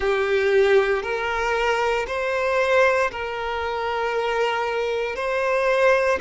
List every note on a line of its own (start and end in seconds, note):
0.00 1.02 G4
1.02 2.05 A#4
2.07 3.10 C5
3.11 5.15 A#4
5.15 6.18 C5